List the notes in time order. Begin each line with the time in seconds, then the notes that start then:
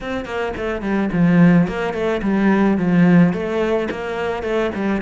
0.00 C4
0.25 A#3
0.57 A3
0.81 G3
1.12 F3
1.67 A#3
1.93 A3
2.22 G3
2.77 F3
3.33 A3
3.90 A#3
4.43 A3
4.74 G3